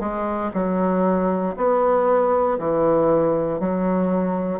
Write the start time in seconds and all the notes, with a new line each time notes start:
0.00 G#3
0.54 F#3
1.57 B3
2.58 E3
3.60 F#3